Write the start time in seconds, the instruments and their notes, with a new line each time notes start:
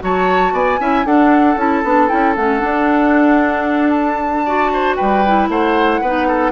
0.00 bassoon F#3, clarinet F#4, oboe C#5, flute A5
0.53 bassoon B3, oboe D5, flute G#5
0.79 bassoon C#4, clarinet E4, oboe E5
1.05 bassoon D4, clarinet D4, oboe A4, flute F#5
1.57 bassoon C#4, clarinet E4, flute A5
1.83 bassoon B3, clarinet D4
2.08 bassoon C#4, clarinet E4, flute G5
2.36 bassoon A3, clarinet C#4, flute F#5
2.60 clarinet D4, bassoon D4
3.89 flute A5
4.45 clarinet F#4, oboe D5
4.73 oboe C5
4.96 bassoon G3, oboe B4, flute G5
5.26 clarinet E4
5.49 bassoon A3, oboe C5, flute F#5
6.01 bassoon B3, clarinet D#4, oboe B4
6.28 oboe A4